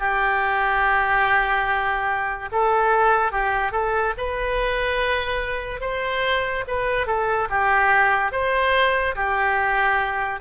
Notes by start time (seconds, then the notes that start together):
0.00 G4
2.52 A4
3.32 G4
3.72 A4
4.18 B4
5.81 C5
6.68 B4
7.07 A4
7.50 G4
8.32 C5
9.16 G4